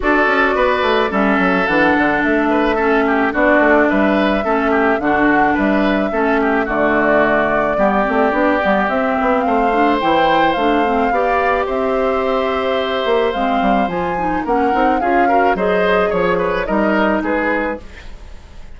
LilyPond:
<<
  \new Staff \with { instrumentName = "flute" } { \time 4/4 \tempo 4 = 108 d''2 e''4 fis''4 | e''2 d''4 e''4~ | e''4 fis''4 e''2 | d''1 |
e''4 f''4 g''4 f''4~ | f''4 e''2. | f''4 gis''4 fis''4 f''4 | dis''4 cis''4 dis''4 b'4 | }
  \new Staff \with { instrumentName = "oboe" } { \time 4/4 a'4 b'4 a'2~ | a'8 b'8 a'8 g'8 fis'4 b'4 | a'8 g'8 fis'4 b'4 a'8 g'8 | fis'2 g'2~ |
g'4 c''2. | d''4 c''2.~ | c''2 ais'4 gis'8 ais'8 | c''4 cis''8 b'8 ais'4 gis'4 | }
  \new Staff \with { instrumentName = "clarinet" } { \time 4/4 fis'2 cis'4 d'4~ | d'4 cis'4 d'2 | cis'4 d'2 cis'4 | a2 b8 c'8 d'8 b8 |
c'4. d'8 e'4 d'8 c'8 | g'1 | c'4 f'8 dis'8 cis'8 dis'8 f'8 fis'8 | gis'2 dis'2 | }
  \new Staff \with { instrumentName = "bassoon" } { \time 4/4 d'8 cis'8 b8 a8 g8 fis8 e8 d8 | a2 b8 a8 g4 | a4 d4 g4 a4 | d2 g8 a8 b8 g8 |
c'8 b8 a4 e4 a4 | b4 c'2~ c'8 ais8 | gis8 g8 f4 ais8 c'8 cis'4 | fis4 f4 g4 gis4 | }
>>